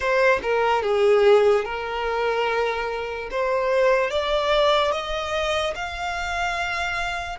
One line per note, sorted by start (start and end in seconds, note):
0.00 0.39 C5
0.42 0.82 A#4
0.82 1.64 G#4
1.64 3.29 A#4
3.31 4.10 C5
4.10 4.91 D5
4.91 5.73 D#5
5.75 7.39 F5